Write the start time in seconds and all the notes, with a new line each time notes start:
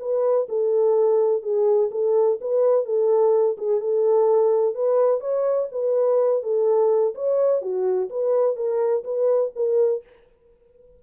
0.00 B4
0.49 A4
1.43 G#4
1.92 A4
2.41 B4
2.85 A4
3.58 G#4
3.81 A4
4.75 B4
5.21 C#5
5.72 B4
6.43 A4
7.15 C#5
7.62 F#4
8.10 B4
8.56 A#4
9.04 B4
9.56 A#4